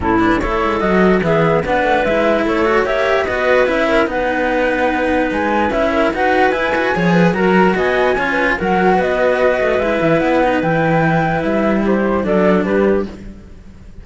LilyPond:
<<
  \new Staff \with { instrumentName = "flute" } { \time 4/4 \tempo 4 = 147 a'8 b'8 cis''4 dis''4 e''4 | fis''4 e''4 cis''4 e''4 | dis''4 e''4 fis''2~ | fis''4 gis''4 e''4 fis''4 |
gis''2 ais''4 gis''4~ | gis''4 fis''4 dis''2 | e''4 fis''4 g''2 | e''4 c''4 d''4 b'4 | }
  \new Staff \with { instrumentName = "clarinet" } { \time 4/4 e'4 a'2 gis'4 | b'2 a'4 cis''4 | b'4. ais'8 b'2~ | b'2~ b'8 ais'8 b'4~ |
b'4 cis''8 b'8 ais'4 dis''4 | cis''8 b'8 ais'4 b'2~ | b'1~ | b'4 g'4 a'4 g'4 | }
  \new Staff \with { instrumentName = "cello" } { \time 4/4 cis'8 d'8 e'4 fis'4 b4 | d'4 e'4. fis'8 g'4 | fis'4 e'4 dis'2~ | dis'2 e'4 fis'4 |
e'8 fis'8 gis'4 fis'2 | f'4 fis'2. | e'4. dis'8 e'2~ | e'2 d'2 | }
  \new Staff \with { instrumentName = "cello" } { \time 4/4 a,4 a8 gis8 fis4 e4 | b8 a8 gis4 a4 ais4 | b4 cis'4 b2~ | b4 gis4 cis'4 dis'4 |
e'4 f4 fis4 b4 | cis'4 fis4 b4. a8 | gis8 e8 b4 e2 | g2 fis4 g4 | }
>>